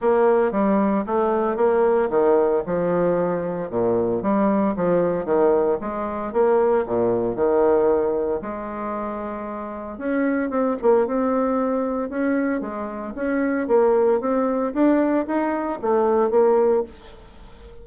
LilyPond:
\new Staff \with { instrumentName = "bassoon" } { \time 4/4 \tempo 4 = 114 ais4 g4 a4 ais4 | dis4 f2 ais,4 | g4 f4 dis4 gis4 | ais4 ais,4 dis2 |
gis2. cis'4 | c'8 ais8 c'2 cis'4 | gis4 cis'4 ais4 c'4 | d'4 dis'4 a4 ais4 | }